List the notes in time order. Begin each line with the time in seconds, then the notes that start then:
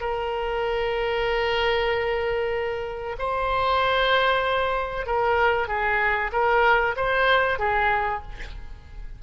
0.00 A#4
3.18 C5
5.06 A#4
5.68 G#4
6.32 A#4
6.96 C5
7.59 G#4